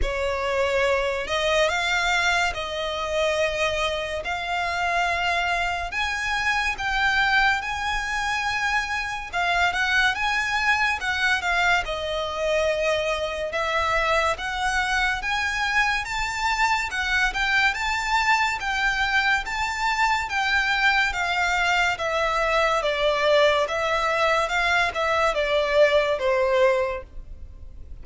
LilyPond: \new Staff \with { instrumentName = "violin" } { \time 4/4 \tempo 4 = 71 cis''4. dis''8 f''4 dis''4~ | dis''4 f''2 gis''4 | g''4 gis''2 f''8 fis''8 | gis''4 fis''8 f''8 dis''2 |
e''4 fis''4 gis''4 a''4 | fis''8 g''8 a''4 g''4 a''4 | g''4 f''4 e''4 d''4 | e''4 f''8 e''8 d''4 c''4 | }